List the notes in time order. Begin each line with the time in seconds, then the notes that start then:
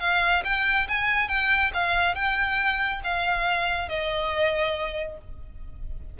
0.00 F5
0.44 G5
0.89 G#5
1.29 G5
1.74 F5
2.15 G5
3.04 F5
3.89 D#5